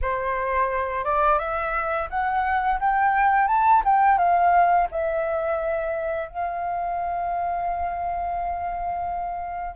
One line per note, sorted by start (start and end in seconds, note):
0.01 1.04 C5
1.04 1.39 D5
1.39 2.08 E5
2.10 2.79 F#5
2.80 3.47 G5
3.47 3.82 A5
3.84 4.18 G5
4.18 4.87 F5
4.91 6.28 E5
6.28 9.75 F5